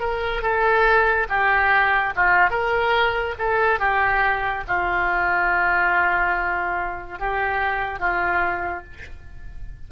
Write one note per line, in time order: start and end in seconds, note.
0.00 0.42 A#4
0.43 1.27 A4
1.29 2.14 G4
2.16 2.50 F4
2.50 3.35 A#4
3.39 3.80 A4
3.80 4.64 G4
4.68 7.19 F4
7.19 7.99 G4
7.99 8.84 F4